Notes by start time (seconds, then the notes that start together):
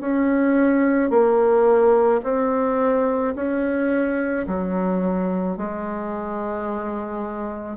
0.00 C#4
1.10 A#3
2.23 C4
3.35 C#4
4.47 F#3
5.57 G#3